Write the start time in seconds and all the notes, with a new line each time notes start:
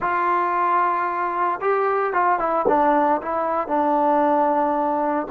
0.00 F4
1.60 G4
2.13 F4
2.39 E4
2.68 D4
3.21 E4
3.67 D4